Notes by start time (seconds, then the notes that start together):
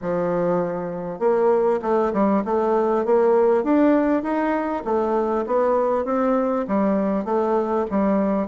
0.01 F3
1.19 A#3
1.82 A3
2.13 G3
2.45 A3
3.05 A#3
3.63 D4
4.22 D#4
4.84 A3
5.46 B3
6.04 C4
6.67 G3
7.25 A3
7.90 G3